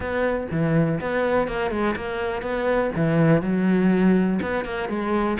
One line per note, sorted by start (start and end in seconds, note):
0.00 0.47 B3
0.51 1.00 E3
1.00 1.47 B3
1.47 1.71 A#3
1.71 1.95 G#3
1.95 2.42 A#3
2.42 2.90 B3
2.95 3.42 E3
3.42 4.39 F#3
4.41 4.65 B3
4.65 4.88 A#3
4.88 5.37 G#3